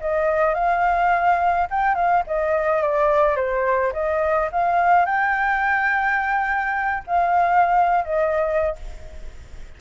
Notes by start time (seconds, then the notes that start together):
0.00 D#5
0.54 F5
1.70 G5
1.95 F5
2.27 D#5
2.82 D5
3.36 C5
3.93 D#5
4.52 F5
5.06 G5
7.07 F5
8.05 D#5